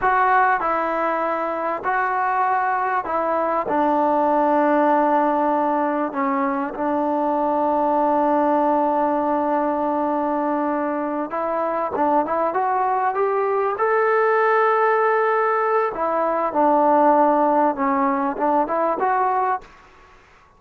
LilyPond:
\new Staff \with { instrumentName = "trombone" } { \time 4/4 \tempo 4 = 98 fis'4 e'2 fis'4~ | fis'4 e'4 d'2~ | d'2 cis'4 d'4~ | d'1~ |
d'2~ d'8 e'4 d'8 | e'8 fis'4 g'4 a'4.~ | a'2 e'4 d'4~ | d'4 cis'4 d'8 e'8 fis'4 | }